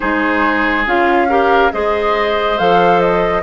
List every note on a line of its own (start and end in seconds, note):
0.00 0.86 G#3
0.00 0.85 D#4
0.00 1.27 G#4
0.00 0.86 C5
0.86 1.72 C#4
0.86 1.28 F4
0.86 1.72 F5
1.28 1.71 G4
1.28 1.72 A#4
1.72 2.59 G#3
1.72 2.57 G#4
1.72 3.42 C5
1.72 2.58 D#5
2.58 3.42 F3
2.58 3.42 A4
2.58 3.00 F5
3.00 3.42 D#5